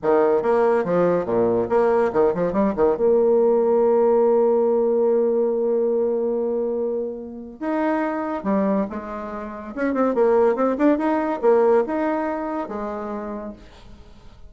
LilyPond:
\new Staff \with { instrumentName = "bassoon" } { \time 4/4 \tempo 4 = 142 dis4 ais4 f4 ais,4 | ais4 dis8 f8 g8 dis8 ais4~ | ais1~ | ais1~ |
ais2 dis'2 | g4 gis2 cis'8 c'8 | ais4 c'8 d'8 dis'4 ais4 | dis'2 gis2 | }